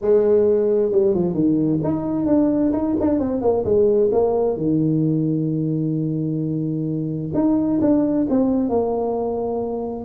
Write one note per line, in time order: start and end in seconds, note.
0.01 0.92 G#3
0.92 1.14 G3
1.14 1.34 F3
1.34 1.79 D#3
1.83 2.26 D#4
2.26 2.72 D4
2.73 2.95 D#4
3.00 3.19 D4
3.19 3.41 C4
3.41 3.64 A#3
3.64 4.10 G#3
4.11 4.57 A#3
4.57 7.31 D#3
7.34 7.80 D#4
7.81 8.27 D4
8.29 8.69 C4
8.69 10.05 A#3